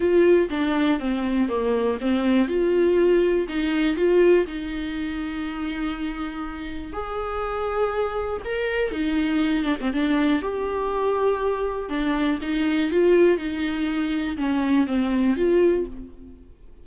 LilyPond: \new Staff \with { instrumentName = "viola" } { \time 4/4 \tempo 4 = 121 f'4 d'4 c'4 ais4 | c'4 f'2 dis'4 | f'4 dis'2.~ | dis'2 gis'2~ |
gis'4 ais'4 dis'4. d'16 c'16 | d'4 g'2. | d'4 dis'4 f'4 dis'4~ | dis'4 cis'4 c'4 f'4 | }